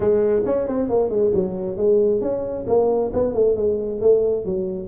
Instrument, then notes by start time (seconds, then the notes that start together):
tuba
0.00 G#3
0.45 C#4
0.67 C4
0.89 A#3
1.09 G#3
1.34 F#3
1.76 G#3
2.21 C#4
2.67 A#3
3.13 B3
3.34 A3
3.56 G#3
4.00 A3
4.45 F#3